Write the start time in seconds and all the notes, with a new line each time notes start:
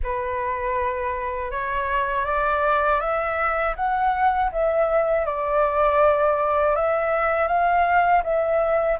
0.03 B4
1.51 C#5
2.25 D5
3.00 E5
3.75 F#5
4.51 E5
5.25 D5
6.75 E5
7.47 F5
8.23 E5